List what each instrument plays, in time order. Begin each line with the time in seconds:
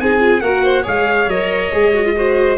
0.00 tuba C4, viola D#4, violin G#4, trumpet G#5
0.20 viola F4
0.41 tuba A#3, viola F#4, violin A#4, trumpet F#5
0.65 violin C5
0.83 tuba G#3, viola G#4, violin C#5, trumpet F5
1.27 tuba F#3, viola A#4, trumpet D#5
1.72 tuba G#3, viola G#4
1.95 viola F#4
2.05 viola F4
2.16 viola F#4, violin C5